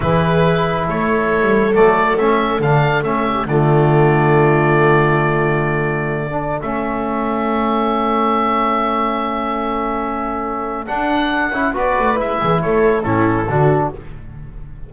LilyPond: <<
  \new Staff \with { instrumentName = "oboe" } { \time 4/4 \tempo 4 = 138 b'2 cis''2 | d''4 e''4 f''4 e''4 | d''1~ | d''2.~ d''16 e''8.~ |
e''1~ | e''1~ | e''4 fis''2 d''4 | e''4 cis''4 a'2 | }
  \new Staff \with { instrumentName = "viola" } { \time 4/4 gis'2 a'2~ | a'2.~ a'8 g'8 | f'1~ | f'2~ f'16 a'4.~ a'16~ |
a'1~ | a'1~ | a'2. b'4~ | b'8 gis'8 a'4 e'4 fis'4 | }
  \new Staff \with { instrumentName = "trombone" } { \time 4/4 e'1 | a4 cis'4 d'4 cis'4 | a1~ | a2~ a8 d'8. cis'8.~ |
cis'1~ | cis'1~ | cis'4 d'4. e'8 fis'4 | e'2 cis'4 d'4 | }
  \new Staff \with { instrumentName = "double bass" } { \time 4/4 e2 a4~ a16 g8. | fis4 a4 d4 a4 | d1~ | d2.~ d16 a8.~ |
a1~ | a1~ | a4 d'4. cis'8 b8 a8 | gis8 e8 a4 a,4 d4 | }
>>